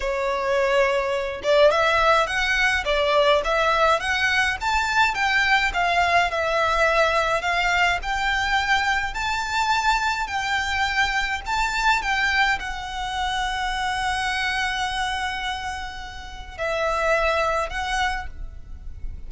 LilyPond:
\new Staff \with { instrumentName = "violin" } { \time 4/4 \tempo 4 = 105 cis''2~ cis''8 d''8 e''4 | fis''4 d''4 e''4 fis''4 | a''4 g''4 f''4 e''4~ | e''4 f''4 g''2 |
a''2 g''2 | a''4 g''4 fis''2~ | fis''1~ | fis''4 e''2 fis''4 | }